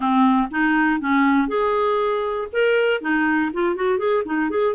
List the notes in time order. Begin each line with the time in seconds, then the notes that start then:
0.00 C4
0.50 D#4
1.00 C#4
1.47 G#4
2.52 A#4
3.01 D#4
3.52 F4
3.75 F#4
3.98 G#4
4.25 D#4
4.50 G#4